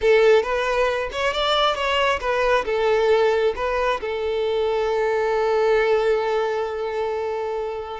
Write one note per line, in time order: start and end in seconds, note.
0.01 0.42 A4
0.42 1.09 B4
1.12 1.33 C#5
1.33 1.75 D5
1.75 2.19 C#5
2.20 2.64 B4
2.65 3.54 A4
3.55 4.00 B4
4.00 8.00 A4